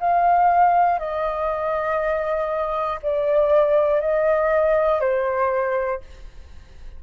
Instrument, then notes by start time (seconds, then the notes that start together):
flute
0.00 F5
0.99 D#5
3.02 D5
4.00 D#5
5.00 C5